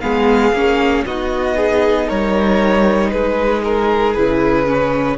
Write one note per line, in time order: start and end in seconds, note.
0.00 0.52 G#3
0.00 0.53 B3
0.00 1.05 G#4
0.00 1.03 F5
0.52 1.04 A#3
0.52 1.06 C#4
1.06 2.10 B3
1.06 4.16 D#4
1.06 1.56 F#4
1.06 2.09 D#5
1.56 2.07 G#4
2.07 3.12 G3
2.07 3.11 A#4
2.07 3.10 C#5
3.10 4.16 G#3
3.10 5.17 G#4
3.10 3.62 B4
3.64 4.13 A#4
4.13 5.17 C#3
4.13 4.65 E4
4.13 5.17 B4
4.65 5.17 C#4